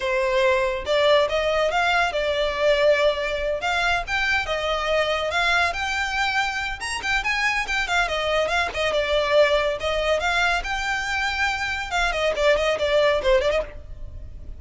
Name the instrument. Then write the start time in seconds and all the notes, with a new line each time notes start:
violin
0.00 C5
0.85 D5
1.29 D#5
1.71 F5
2.12 D5
3.61 F5
4.07 G5
4.46 D#5
5.31 F5
5.73 G5
6.80 A#5
7.02 G5
7.23 G#5
7.67 G5
7.87 F5
8.08 D#5
8.48 F5
8.73 D#5
8.93 D5
9.79 D#5
10.20 F5
10.63 G5
11.90 F5
12.12 D#5
12.36 D5
12.56 D#5
12.79 D5
13.22 C5
13.41 D5
13.50 D#5